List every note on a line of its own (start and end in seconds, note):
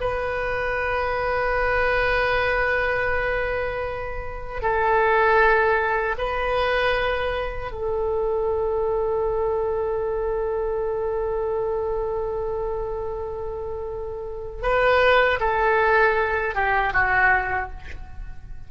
0.00 4.62 B4
4.62 6.15 A4
6.18 7.71 B4
7.71 14.62 A4
14.62 15.39 B4
15.40 16.54 A4
16.54 16.93 G4
16.93 17.70 F#4